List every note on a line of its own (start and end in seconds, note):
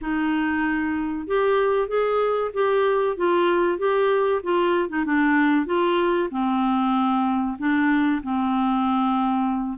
0.01 1.27 D#4
1.27 1.88 G4
1.88 2.51 G#4
2.53 3.16 G4
3.16 3.78 F4
3.78 4.41 G4
4.43 4.89 F4
4.89 5.04 D#4
5.05 5.66 D4
5.66 6.29 F4
6.30 7.57 C4
7.58 8.21 D4
8.22 9.78 C4